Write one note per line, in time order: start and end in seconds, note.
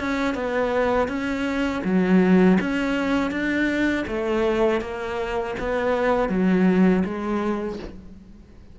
0.00 0.35 C#4
0.35 1.08 B3
1.08 1.82 C#4
1.84 2.58 F#3
2.61 3.31 C#4
3.31 4.05 D4
4.07 4.81 A3
4.81 5.55 A#3
5.60 6.29 B3
6.29 7.03 F#3
7.05 7.79 G#3